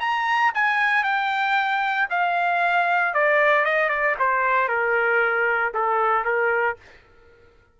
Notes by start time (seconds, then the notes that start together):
0.00 A#5
0.54 G#5
1.03 G5
2.10 F5
3.14 D5
3.65 D#5
3.89 D5
4.19 C5
4.68 A#4
5.74 A4
6.24 A#4